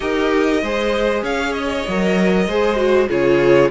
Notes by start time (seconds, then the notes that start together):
0.00 D#4 G4 A#4 D#5
0.62 G#3 G#4 C5
1.22 C#4 C#5 F5
1.52 D#5
1.87 F#3 A#4
2.47 G#3 G#4 C5
2.76 F#4
3.08 C#3 F4 G#4 C#5